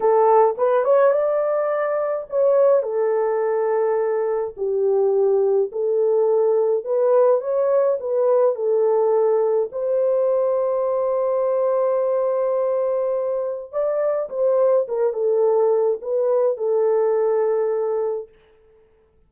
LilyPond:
\new Staff \with { instrumentName = "horn" } { \time 4/4 \tempo 4 = 105 a'4 b'8 cis''8 d''2 | cis''4 a'2. | g'2 a'2 | b'4 cis''4 b'4 a'4~ |
a'4 c''2.~ | c''1 | d''4 c''4 ais'8 a'4. | b'4 a'2. | }